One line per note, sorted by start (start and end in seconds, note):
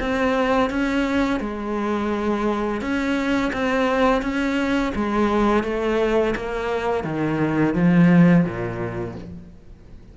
0.00 0.70 C4
0.70 1.40 C#4
1.40 2.81 G#3
2.81 3.51 C#4
3.53 4.22 C4
4.22 4.93 C#4
4.95 5.63 G#3
5.63 6.34 A3
6.36 7.04 A#3
7.04 7.74 D#3
7.74 8.44 F3
8.44 9.15 A#2